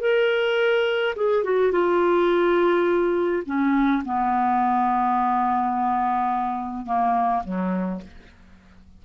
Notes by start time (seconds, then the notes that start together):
0.00 A#4
1.16 G#4
1.44 F#4
1.72 F4
3.45 C#4
4.05 B3
6.86 A#3
7.44 F#3